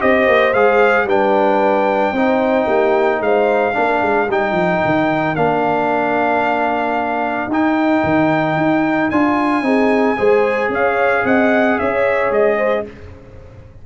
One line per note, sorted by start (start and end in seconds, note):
0.00 0.28 C4
0.00 0.54 G4
0.00 1.07 C5
0.00 0.53 D#5
0.28 0.54 A#3
0.53 1.04 G#3
0.53 1.08 G#4
0.53 1.07 F5
1.04 2.12 G3
1.04 2.15 D4
1.04 2.14 B4
1.04 3.22 G5
2.12 2.66 C4
2.12 3.74 D#4
2.12 2.66 C5
2.66 3.20 A#3
2.66 3.19 G4
3.20 3.74 G#3
3.20 3.76 C5
3.20 4.29 F5
3.74 4.02 A#3
3.74 4.27 D4
3.74 9.65 A#4
4.02 4.28 G#3
4.28 4.51 G3
4.28 5.36 D#4
4.28 5.35 G5
4.51 4.78 F3
4.85 5.36 D#3
5.35 7.47 A#3
5.35 7.51 D4
5.35 7.50 F5
7.47 8.01 D#4
7.47 9.12 D#4
7.47 9.10 G5
8.03 8.57 D#3
8.57 9.10 D#4
9.10 9.62 D4
9.10 9.63 F4
9.10 10.71 G#5
9.62 10.16 C4
9.62 10.17 D#4
9.62 10.18 G#4
10.17 10.69 G#3
10.17 12.85 G#4
10.17 10.72 C5
10.69 11.23 C#4
10.69 11.25 C#5
10.69 11.26 F5
11.25 11.78 C4
11.25 11.79 D#5
11.25 11.79 F#5
11.79 12.31 C#4
11.79 12.58 C#5
11.79 12.32 E5
12.31 12.84 G#3
12.31 12.86 D#5
12.58 12.84 C5